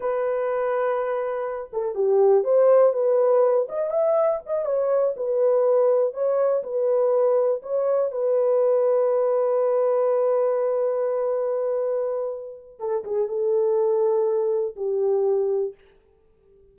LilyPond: \new Staff \with { instrumentName = "horn" } { \time 4/4 \tempo 4 = 122 b'2.~ b'8 a'8 | g'4 c''4 b'4. dis''8 | e''4 dis''8 cis''4 b'4.~ | b'8 cis''4 b'2 cis''8~ |
cis''8 b'2.~ b'8~ | b'1~ | b'2 a'8 gis'8 a'4~ | a'2 g'2 | }